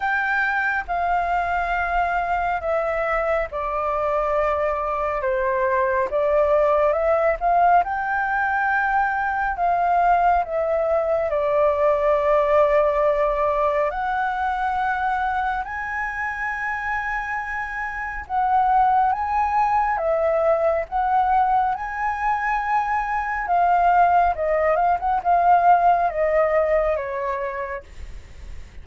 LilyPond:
\new Staff \with { instrumentName = "flute" } { \time 4/4 \tempo 4 = 69 g''4 f''2 e''4 | d''2 c''4 d''4 | e''8 f''8 g''2 f''4 | e''4 d''2. |
fis''2 gis''2~ | gis''4 fis''4 gis''4 e''4 | fis''4 gis''2 f''4 | dis''8 f''16 fis''16 f''4 dis''4 cis''4 | }